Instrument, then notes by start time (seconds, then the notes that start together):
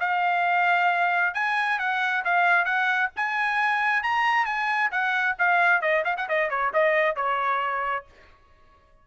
trumpet
0.00 F5
1.34 G#5
1.79 F#5
2.25 F5
2.65 F#5
3.16 G#5
4.03 A#5
4.46 G#5
4.91 F#5
5.39 F5
5.81 D#5
6.05 F5
6.17 F#5
6.28 D#5
6.50 C#5
6.73 D#5
7.16 C#5